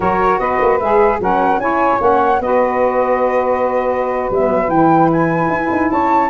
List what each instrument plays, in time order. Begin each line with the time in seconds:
0.00 tuba F#3, saxophone F#4 A#4, flute C#5
0.39 tuba B3, saxophone B4, flute D#5
0.61 tuba A#3
0.79 tuba G#3, saxophone G#4, flute E5
1.19 tuba F#3, saxophone C#4 A#4, flute F#5
1.56 tuba C#4, saxophone E4 C#5, flute G#5
1.98 tuba A#3, saxophone C#4, flute F#5
2.39 tuba B3, saxophone F#4 B4, flute D#5
4.30 tuba G3, saxophone B3, flute E5
4.49 tuba F#3
4.68 tuba E3, saxophone E4, flute G5
5.12 flute G#5
5.49 tuba E4
5.71 tuba D#4
5.91 tuba C#4, saxophone C#5, flute A5